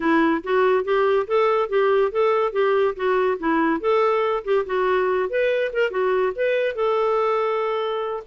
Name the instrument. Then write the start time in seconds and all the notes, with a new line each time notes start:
clarinet
0.00 E4
0.43 F#4
0.84 G4
1.27 A4
1.69 G4
2.11 A4
2.52 G4
2.95 F#4
3.39 E4
3.80 A4
4.44 G4
4.66 F#4
5.29 B4
5.72 A#4
5.90 F#4
6.35 B4
6.75 A4